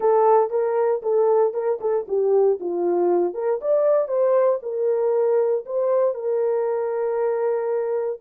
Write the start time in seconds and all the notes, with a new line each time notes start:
0.00 A4
0.50 A#4
1.02 A4
1.53 A#4
1.80 A4
2.08 G4
2.59 F4
3.34 A#4
3.61 D5
4.08 C5
4.62 A#4
5.65 C5
6.14 A#4